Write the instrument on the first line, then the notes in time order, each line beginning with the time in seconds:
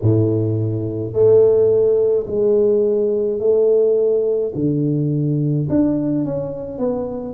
tuba
0.02 A2
1.13 A3
2.26 G#3
3.39 A3
4.54 D3
5.69 D4
6.25 C#4
6.78 B3